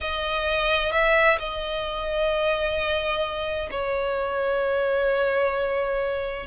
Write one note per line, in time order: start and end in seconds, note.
0.00 0.92 D#5
0.92 1.38 E5
1.38 3.69 D#5
3.70 6.46 C#5